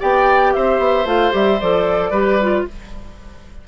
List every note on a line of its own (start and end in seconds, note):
0.00 0.56 B3
0.00 1.06 G4
0.00 0.53 D5
0.00 0.54 G5
0.54 0.79 C4
0.54 2.11 C5
0.54 1.07 E5
0.79 1.05 B3
1.05 1.32 A3
1.05 1.31 F4
1.05 1.34 F5
1.31 1.61 G3
1.31 1.58 G4
1.31 1.60 E5
1.60 2.11 F3
1.60 2.13 A4
1.60 2.67 D5
2.11 2.64 G3
2.11 2.40 G4
2.11 2.64 B4
2.42 2.68 F4